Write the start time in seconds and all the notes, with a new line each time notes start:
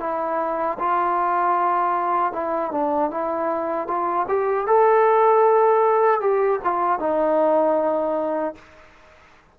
0.00 E4
0.79 F4
2.33 E4
2.72 D4
3.11 E4
3.87 F4
4.29 G4
4.67 A4
6.21 G4
6.64 F4
7.00 D#4